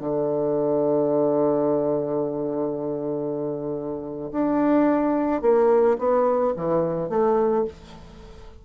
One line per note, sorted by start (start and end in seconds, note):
0.00 4.31 D3
4.32 5.42 D4
5.42 5.97 A#3
5.98 6.54 B3
6.56 7.09 E3
7.09 7.65 A3